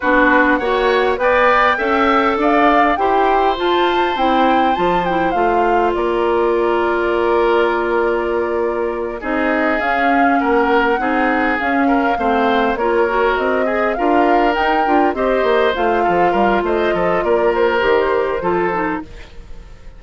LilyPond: <<
  \new Staff \with { instrumentName = "flute" } { \time 4/4 \tempo 4 = 101 b'4 fis''4 g''2 | f''4 g''4 a''4 g''4 | a''8 g''8 f''4 d''2~ | d''2.~ d''8 dis''8~ |
dis''8 f''4 fis''2 f''8~ | f''4. cis''4 dis''4 f''8~ | f''8 g''4 dis''4 f''4. | dis''4 d''8 c''2~ c''8 | }
  \new Staff \with { instrumentName = "oboe" } { \time 4/4 fis'4 cis''4 d''4 e''4 | d''4 c''2.~ | c''2 ais'2~ | ais'2.~ ais'8 gis'8~ |
gis'4. ais'4 gis'4. | ais'8 c''4 ais'4. gis'8 ais'8~ | ais'4. c''4. a'8 ais'8 | c''8 a'8 ais'2 a'4 | }
  \new Staff \with { instrumentName = "clarinet" } { \time 4/4 d'4 fis'4 b'4 a'4~ | a'4 g'4 f'4 e'4 | f'8 e'8 f'2.~ | f'2.~ f'8 dis'8~ |
dis'8 cis'2 dis'4 cis'8~ | cis'8 c'4 f'8 fis'4 gis'8 f'8~ | f'8 dis'8 f'8 g'4 f'4.~ | f'2 g'4 f'8 dis'8 | }
  \new Staff \with { instrumentName = "bassoon" } { \time 4/4 b4 ais4 b4 cis'4 | d'4 e'4 f'4 c'4 | f4 a4 ais2~ | ais2.~ ais8 c'8~ |
c'8 cis'4 ais4 c'4 cis'8~ | cis'8 a4 ais4 c'4 d'8~ | d'8 dis'8 d'8 c'8 ais8 a8 f8 g8 | a8 f8 ais4 dis4 f4 | }
>>